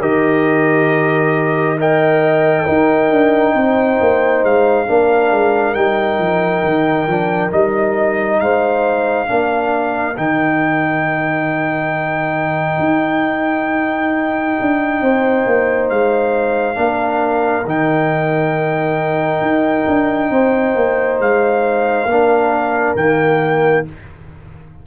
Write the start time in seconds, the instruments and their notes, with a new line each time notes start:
0.00 tuba D#3, trombone G4, horn A#4, trumpet D#5
1.79 trombone A#4, horn D#5, trumpet G5
2.64 trombone D#4, tuba D#4, horn A#4
3.10 tuba D4
3.54 tuba C4, horn C5
4.00 tuba A#3
4.43 tuba G#3, trumpet F5
4.87 tuba A#3, trombone D4, horn A#4
5.31 tuba G#3
5.74 tuba G3, trombone D#4, trumpet G5
6.18 tuba F3
6.63 tuba D#3
7.07 tuba F3, trombone D4
7.50 tuba G3, trombone D#4, trumpet D#5
8.40 tuba G#3, horn C5, trumpet F5
9.26 tuba A#3, trombone D4, horn A#4
10.16 tuba D#3, trombone D#4, trumpet G5
12.78 tuba D#4
14.61 tuba D4
15.01 tuba C4, horn C5
15.46 tuba A#3
15.89 tuba G#3, trumpet F5
16.75 tuba A#3, trombone D4
16.82 horn A#4
17.65 tuba D#3, trombone D#4, trumpet G5
19.41 tuba D#4
19.86 tuba D4
20.30 tuba C4, horn C5
20.75 tuba A#3
21.19 tuba G#3, trumpet F5
22.05 tuba A#3, trombone D4, horn A#4
22.95 tuba D#3, trombone A#3, trumpet G5